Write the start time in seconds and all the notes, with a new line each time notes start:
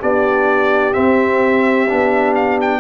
0.00 B3 D4 G4 D5
0.93 C4 E5
1.89 B3 D4
2.35 F5
2.61 G5